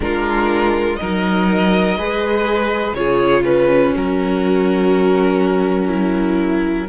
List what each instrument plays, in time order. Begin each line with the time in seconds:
0.00 cello G#3, viola D4, violin F4 A#4
0.95 cello F#3, viola D#4, violin A#4 D#5
1.96 cello G#3, viola G#4, violin B4
2.92 cello C#3, viola F4, violin G#4 C#5
3.43 violin C#4 B4
3.94 cello F#3, viola F#4, violin A#4
5.88 viola E4